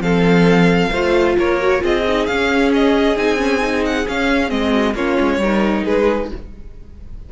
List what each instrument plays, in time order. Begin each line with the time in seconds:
0.00 cello F3, viola C4, violin A4 F5
0.91 cello A3, viola F4, violin C5
1.38 cello A#3, violin A#4 C#5
1.61 viola F#4
1.79 cello C4, viola F4, violin G#4 D#5
2.08 viola D#4
2.26 cello C#4, viola C#4, violin F5
2.74 violin D#5
3.17 cello C4, viola D#4, violin G#5
3.38 viola C#4
3.60 viola D#4
3.85 violin F#5
4.07 viola C#4, cello C#4, violin F5
4.49 cello G#3, viola C4, violin D#5
4.71 violin F#4
4.94 cello A#3, viola C#4, violin F4 C#5
5.20 cello G#3
5.37 cello G3, viola D#4, violin A#4
5.84 cello G#3, violin G#4 B4